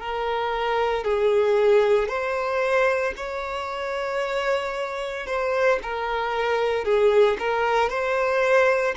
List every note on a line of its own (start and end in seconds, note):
0.00 1.05 A#4
1.05 2.09 G#4
2.09 3.14 C5
3.17 5.27 C#5
5.27 5.79 C5
5.83 6.85 A#4
6.85 7.37 G#4
7.39 7.90 A#4
7.90 8.95 C5